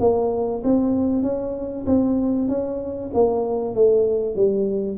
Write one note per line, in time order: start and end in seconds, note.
0.00 0.62 A#3
0.64 1.23 C4
1.23 1.86 C#4
1.86 2.48 C4
2.48 3.11 C#4
3.14 3.75 A#3
3.75 4.36 A3
4.36 4.98 G3